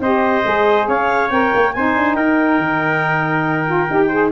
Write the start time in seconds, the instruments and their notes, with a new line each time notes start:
0.00 tuba C4, saxophone G4, trumpet C5, clarinet D#5
0.44 tuba G#3, saxophone G#4
0.88 tuba C#4, trumpet C#5, clarinet F5
1.30 tuba C4, saxophone A#4, clarinet G5
1.55 tuba A#3
1.73 tuba C4, saxophone D#4, trumpet C5, clarinet G#5
1.96 tuba D4
2.14 tuba D#4, trumpet A#4, clarinet G5
2.58 tuba D#3
3.66 saxophone F4
3.90 tuba D#4, saxophone G4
4.08 saxophone G#4, trumpet C5